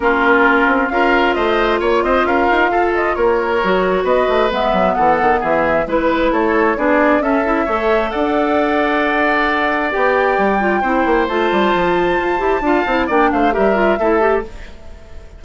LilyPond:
<<
  \new Staff \with { instrumentName = "flute" } { \time 4/4 \tempo 4 = 133 ais'2 f''4 dis''4 | cis''8 dis''8 f''4. dis''8 cis''4~ | cis''4 dis''4 e''4 fis''4 | e''4 b'4 cis''4 d''4 |
e''2 fis''2~ | fis''2 g''2~ | g''4 a''2.~ | a''4 g''8 f''8 e''2 | }
  \new Staff \with { instrumentName = "oboe" } { \time 4/4 f'2 ais'4 c''4 | cis''8 c''8 ais'4 a'4 ais'4~ | ais'4 b'2 a'4 | gis'4 b'4 a'4 gis'4 |
a'4 cis''4 d''2~ | d''1 | c''1 | f''4 d''8 c''8 ais'4 a'4 | }
  \new Staff \with { instrumentName = "clarinet" } { \time 4/4 cis'2 f'2~ | f'1 | fis'2 b2~ | b4 e'2 d'4 |
cis'8 e'8 a'2.~ | a'2 g'4. f'8 | e'4 f'2~ f'8 g'8 | f'8 e'8 d'4 g'8 f'8 e'8 g'8 | }
  \new Staff \with { instrumentName = "bassoon" } { \time 4/4 ais4. c'8 cis'4 a4 | ais8 c'8 cis'8 dis'8 f'4 ais4 | fis4 b8 a8 gis8 fis8 e8 dis8 | e4 gis4 a4 b4 |
cis'4 a4 d'2~ | d'2 b4 g4 | c'8 ais8 a8 g8 f4 f'8 e'8 | d'8 c'8 ais8 a8 g4 a4 | }
>>